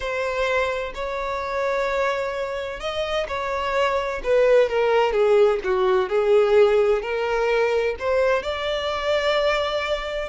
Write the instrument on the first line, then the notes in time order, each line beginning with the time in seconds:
violin
0.00 C5
0.94 C#5
2.80 D#5
3.28 C#5
4.23 B4
4.69 A#4
5.12 G#4
5.64 F#4
6.09 G#4
7.01 A#4
7.99 C5
8.43 D5